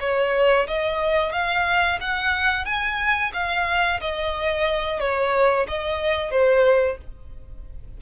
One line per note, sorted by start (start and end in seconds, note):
0.00 0.67 C#5
0.67 1.32 D#5
1.32 1.99 F5
2.00 2.65 F#5
2.65 3.32 G#5
3.33 4.00 F5
4.01 5.00 D#5
5.00 5.66 C#5
5.68 6.31 D#5
6.31 6.97 C5